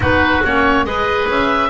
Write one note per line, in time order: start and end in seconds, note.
0.00 0.41 B3
0.00 0.43 D#4
0.00 0.86 F#4
0.00 0.44 B4
0.44 0.84 A#3
0.44 0.85 C#4
0.44 0.85 C#5
0.84 1.27 G#3
0.84 1.69 G#4
0.84 1.69 B4
0.84 1.28 D#5
1.28 1.69 C#4
1.28 1.69 E5